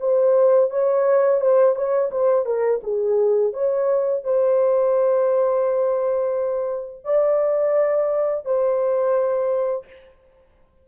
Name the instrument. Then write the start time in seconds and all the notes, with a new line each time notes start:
horn
0.00 C5
0.70 C#5
1.40 C5
1.75 C#5
2.11 C5
2.45 A#4
2.83 G#4
3.53 C#5
4.24 C5
7.04 D5
8.45 C5